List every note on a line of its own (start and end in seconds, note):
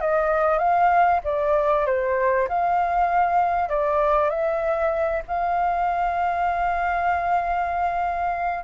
0.00 0.58 D#5
0.58 1.20 F5
1.24 1.86 D5
1.86 2.48 C5
2.48 3.69 F5
3.69 4.29 D5
4.29 5.22 E5
5.27 8.63 F5